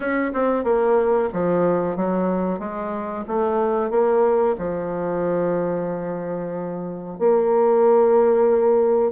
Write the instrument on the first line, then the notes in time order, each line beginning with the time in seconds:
bassoon
0.00 C#4
0.33 C4
0.64 A#3
1.32 F3
1.96 F#3
2.59 G#3
3.27 A3
3.90 A#3
4.58 F3
7.18 A#3